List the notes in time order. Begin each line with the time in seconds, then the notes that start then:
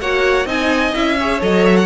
0.00 A#3 F#4 C#5 F#5
0.46 C4 D#4 D#5 G#5
0.94 C#4 E4 E5
1.20 G#4 C#5
1.40 F#3 A4 D#5
1.66 E5
1.77 F#5